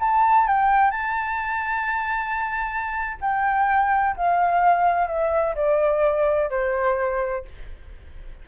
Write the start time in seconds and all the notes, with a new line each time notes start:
0.00 A5
0.47 G5
0.91 A5
3.21 G5
4.16 F5
5.07 E5
5.55 D5
6.50 C5